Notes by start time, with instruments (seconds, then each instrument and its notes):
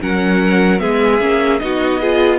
0.00 cello F#3, viola C#4, violin A#4 F#5
0.79 cello G#3, viola B3, violin G#4 E5
1.21 cello A#3, viola C#4
1.59 cello B3, viola D#4, violin F#4 D#5
2.00 viola F4, violin G#4